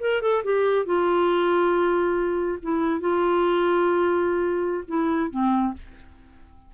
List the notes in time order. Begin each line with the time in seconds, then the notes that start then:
0.00 A#4
0.21 A4
0.44 G4
0.85 F4
2.62 E4
3.00 F4
4.88 E4
5.31 C4